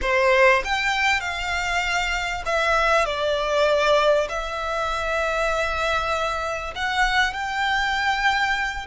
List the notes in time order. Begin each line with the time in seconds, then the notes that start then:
0.01 C5
0.64 G5
1.20 F5
2.45 E5
3.05 D5
4.29 E5
6.75 F#5
7.33 G5